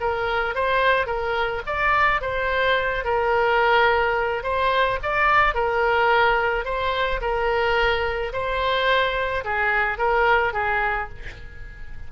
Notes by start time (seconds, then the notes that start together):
0.00 A#4
0.55 C5
1.06 A#4
1.66 D5
2.21 C5
3.04 A#4
4.43 C5
5.02 D5
5.54 A#4
6.64 C5
7.21 A#4
8.33 C5
9.44 G#4
9.98 A#4
10.53 G#4